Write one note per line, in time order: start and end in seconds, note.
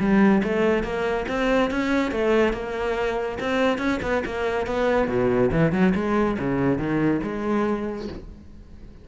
0.00 0.43 G3
0.44 0.84 A3
0.84 1.26 A#3
1.28 1.71 C4
1.71 2.12 C#4
2.12 2.53 A3
2.53 3.38 A#3
3.40 3.78 C4
3.78 4.00 C#4
4.02 4.24 B3
4.26 4.67 A#3
4.67 5.08 B3
5.08 5.51 B2
5.52 5.72 E3
5.72 5.94 F#3
5.95 6.38 G#3
6.39 6.78 C#3
6.78 7.21 D#3
7.23 8.08 G#3